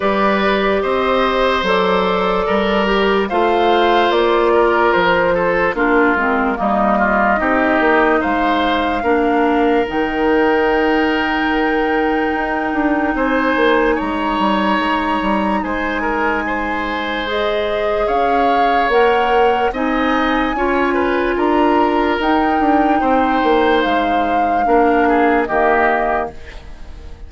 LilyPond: <<
  \new Staff \with { instrumentName = "flute" } { \time 4/4 \tempo 4 = 73 d''4 dis''4 d''2 | f''4 d''4 c''4 ais'4 | dis''2 f''2 | g''1 |
gis''4 ais''2 gis''4~ | gis''4 dis''4 f''4 fis''4 | gis''2 ais''4 g''4~ | g''4 f''2 dis''4 | }
  \new Staff \with { instrumentName = "oboe" } { \time 4/4 b'4 c''2 ais'4 | c''4. ais'4 a'8 f'4 | dis'8 f'8 g'4 c''4 ais'4~ | ais'1 |
c''4 cis''2 c''8 ais'8 | c''2 cis''2 | dis''4 cis''8 b'8 ais'2 | c''2 ais'8 gis'8 g'4 | }
  \new Staff \with { instrumentName = "clarinet" } { \time 4/4 g'2 a'4. g'8 | f'2. d'8 c'8 | ais4 dis'2 d'4 | dis'1~ |
dis'1~ | dis'4 gis'2 ais'4 | dis'4 f'2 dis'4~ | dis'2 d'4 ais4 | }
  \new Staff \with { instrumentName = "bassoon" } { \time 4/4 g4 c'4 fis4 g4 | a4 ais4 f4 ais8 gis8 | g4 c'8 ais8 gis4 ais4 | dis2. dis'8 d'8 |
c'8 ais8 gis8 g8 gis8 g8 gis4~ | gis2 cis'4 ais4 | c'4 cis'4 d'4 dis'8 d'8 | c'8 ais8 gis4 ais4 dis4 | }
>>